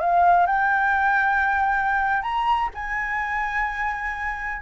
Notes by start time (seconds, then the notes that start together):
0.00 F5
0.46 G5
2.22 A#5
2.74 G#5